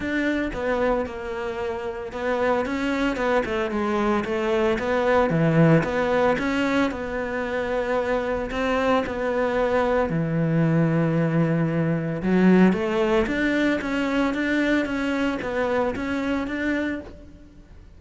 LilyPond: \new Staff \with { instrumentName = "cello" } { \time 4/4 \tempo 4 = 113 d'4 b4 ais2 | b4 cis'4 b8 a8 gis4 | a4 b4 e4 b4 | cis'4 b2. |
c'4 b2 e4~ | e2. fis4 | a4 d'4 cis'4 d'4 | cis'4 b4 cis'4 d'4 | }